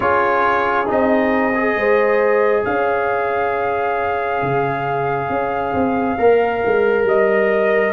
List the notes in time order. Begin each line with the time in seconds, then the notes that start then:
0.00 C#4 F4 G#4 C#5
0.86 C4 D#4 D#5
1.55 G#4
1.75 G#3 C5
2.64 C#4 C#5 F5
4.42 C#3
5.29 C#4
5.73 C4
6.18 A#3 A#4
6.65 G#3
7.04 G3 D#5